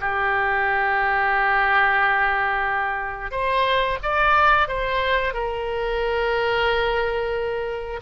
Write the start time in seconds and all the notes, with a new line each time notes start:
0.00 G4
3.31 C5
4.03 D5
4.68 C5
5.33 A#4